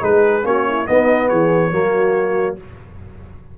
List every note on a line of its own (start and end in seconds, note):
0.00 0.44 G#3
0.00 0.42 D#4
0.00 0.46 G#4
0.00 0.46 B4
0.42 0.86 A#3
0.42 0.85 C#4
0.42 0.67 F#4
0.42 0.87 C#5
0.67 0.87 E4
0.87 1.71 B3
0.87 1.31 B3
0.87 1.28 D#4
0.87 1.28 D#5
1.28 1.72 E3
1.28 1.70 G#4
1.28 2.56 C#5
1.71 2.57 F#3
1.71 2.56 A#3
1.71 2.58 F#4